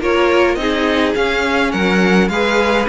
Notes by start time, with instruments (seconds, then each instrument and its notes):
0.00 cello A#3, viola F4, violin A#4 C#5
0.55 cello C4, viola D#4, violin G#4 D#5
1.16 viola C#4, cello C#4, violin F5
1.72 cello F#3, violin A#4 F#5
2.29 cello G#3, viola G#4, violin B4 F5